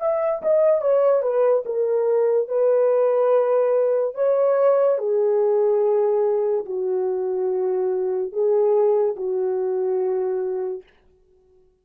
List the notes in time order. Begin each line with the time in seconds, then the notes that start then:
0.00 E5
0.42 D#5
0.82 C#5
1.22 B4
1.66 A#4
2.48 B4
4.15 C#5
4.98 G#4
6.66 F#4
8.32 G#4
9.16 F#4